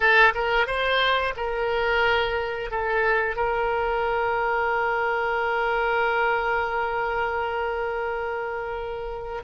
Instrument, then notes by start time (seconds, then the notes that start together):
oboe
0.00 A4
0.34 A#4
0.66 C5
1.36 A#4
2.70 A4
3.36 A#4